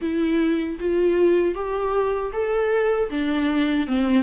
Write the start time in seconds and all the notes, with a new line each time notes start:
0.01 E4
0.79 F4
1.54 G4
2.33 A4
3.10 D4
3.87 C4